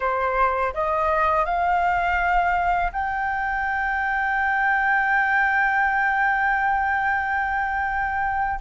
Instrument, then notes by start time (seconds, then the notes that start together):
flute
0.00 C5
0.74 D#5
1.45 F5
2.92 G5